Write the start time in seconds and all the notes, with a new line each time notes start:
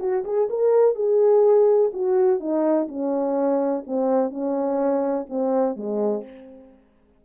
0.00 F#4
0.25 G#4
0.50 A#4
0.95 G#4
1.94 F#4
2.40 D#4
2.88 C#4
3.87 C4
4.30 C#4
5.30 C4
5.76 G#3